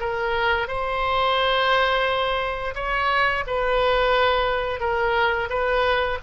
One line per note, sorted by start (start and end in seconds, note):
0.00 0.68 A#4
0.68 2.75 C5
2.75 3.44 C#5
3.47 4.80 B4
4.80 5.49 A#4
5.50 6.18 B4